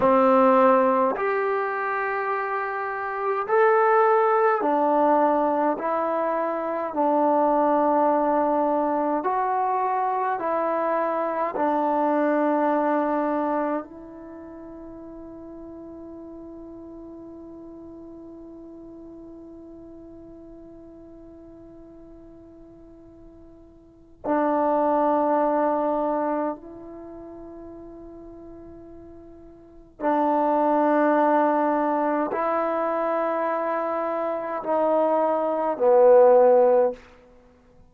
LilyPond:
\new Staff \with { instrumentName = "trombone" } { \time 4/4 \tempo 4 = 52 c'4 g'2 a'4 | d'4 e'4 d'2 | fis'4 e'4 d'2 | e'1~ |
e'1~ | e'4 d'2 e'4~ | e'2 d'2 | e'2 dis'4 b4 | }